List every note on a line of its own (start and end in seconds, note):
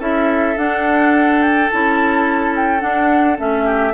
0.00 0.56 C#4
0.00 0.57 E4
0.00 3.64 A4
0.00 0.58 E5
0.57 1.70 D4
0.57 1.42 F#5
1.42 1.70 G5
1.71 2.83 C#4
1.71 2.80 E4
1.71 2.55 A5
2.56 2.81 G5
2.80 3.36 D4
2.80 3.39 D4
2.80 3.37 F#5
3.38 3.94 A3
3.38 3.94 C#4
3.38 3.94 E5
3.65 3.93 G4